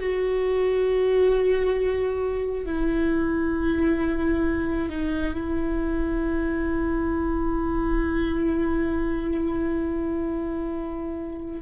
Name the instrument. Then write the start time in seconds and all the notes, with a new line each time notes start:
viola
0.00 F#4
2.66 E4
4.90 D#4
5.34 E4